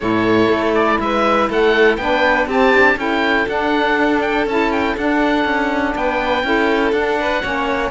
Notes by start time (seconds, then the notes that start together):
0.00 A2 E4 A4 C#5
0.48 A3
0.74 D5
0.99 G#3 B4 E5
1.49 A3 A4 F#5
1.96 B3 D4 B4 G5
2.46 C4 G4 A5
2.72 D4
2.96 C#4 E4 A4 G5
3.48 D4 F#5
4.21 G5
4.46 C#4 E4 A5
4.71 G5
4.97 D4 F#5
5.44 C#4
5.95 B3 B4 G5
6.43 C#4 E4 A4
6.92 D4 F#5
7.20 B4
7.42 A#3 C#4 C#5